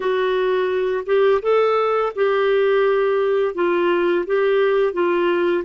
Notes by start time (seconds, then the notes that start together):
0.00 F#4
1.06 G4
1.41 A4
2.15 G4
3.55 F4
4.26 G4
4.93 F4